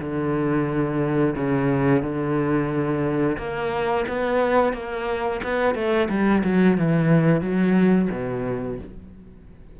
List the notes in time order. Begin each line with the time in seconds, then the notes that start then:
0.00 D3
1.35 C#3
2.02 D3
3.38 A#3
4.08 B3
4.73 A#3
5.44 B3
5.75 A3
6.09 G3
6.44 F#3
6.77 E3
7.41 F#3
8.11 B2